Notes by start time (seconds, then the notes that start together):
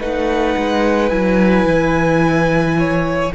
0.00 A3 D#4 B4 F#5
0.57 G#3
1.09 F#3 E4 G#5
1.65 E3
2.78 C#5